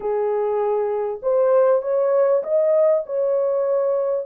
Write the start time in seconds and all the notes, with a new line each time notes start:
0.00 G#4
1.22 C5
1.82 C#5
2.43 D#5
3.06 C#5